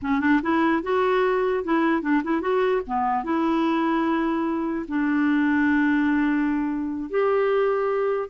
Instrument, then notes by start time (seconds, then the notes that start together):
clarinet
0.02 C#4
0.20 D4
0.42 E4
0.83 F#4
1.63 E4
2.02 D4
2.23 E4
2.41 F#4
2.87 B3
3.23 E4
4.88 D4
7.09 G4